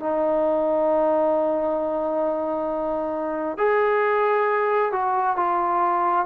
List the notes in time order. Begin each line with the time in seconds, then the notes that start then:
0.00 D#4
3.58 G#4
4.93 F#4
5.37 F4